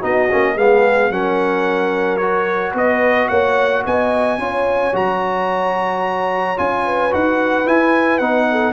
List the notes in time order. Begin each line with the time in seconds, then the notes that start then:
0.00 B3 D#4 F#4 D#5
0.31 A#3 C#4
0.56 G#3 B3 G#4 F5
1.11 F#3 C#4 A#4 F#5
2.18 F#4 C#5
2.74 B3 B4 D#5
3.29 A#3 C#5 F#5
3.86 B3 D#5 G#5
4.39 C#4 F4 C#5
4.94 F#3 F#4 A#5
6.57 C#4 F4 G#5
6.85 B4
7.11 D#4 F#4 F#5
7.66 E4 G#5
8.19 B3 D#4 F#5
8.51 A4